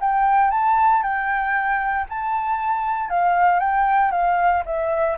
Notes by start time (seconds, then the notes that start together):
0.00 G5
0.51 A5
1.03 G5
2.09 A5
3.10 F5
3.59 G5
4.11 F5
4.66 E5